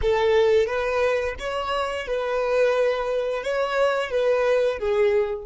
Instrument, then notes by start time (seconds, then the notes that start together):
violin
0.01 A4
0.66 B4
1.39 C#5
2.06 B4
3.43 C#5
4.10 B4
4.79 G#4